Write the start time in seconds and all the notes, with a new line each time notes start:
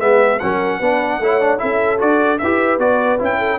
0.00 G#3 B3 G#4 E5
0.39 F#3 C#4 A#4 F#5
0.79 B3 D4 B4
1.19 A3 E4 C#5
1.40 D4
1.58 C#4 E4 A4 E5
1.99 D4 F#4 D5
2.38 E4 G4 B4 E5
2.78 B3 F#4 D5
3.19 C#4 E4 G5
3.38 A4